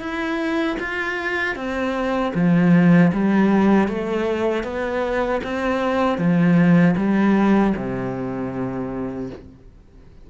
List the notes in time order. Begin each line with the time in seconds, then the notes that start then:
0.00 E4
0.80 F4
1.55 C4
2.35 F3
3.13 G3
3.88 A3
4.64 B3
5.43 C4
6.18 F3
6.97 G3
7.76 C3